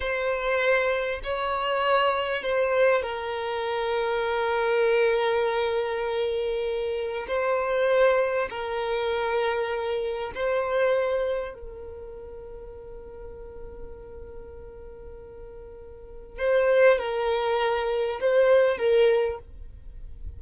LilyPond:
\new Staff \with { instrumentName = "violin" } { \time 4/4 \tempo 4 = 99 c''2 cis''2 | c''4 ais'2.~ | ais'1 | c''2 ais'2~ |
ais'4 c''2 ais'4~ | ais'1~ | ais'2. c''4 | ais'2 c''4 ais'4 | }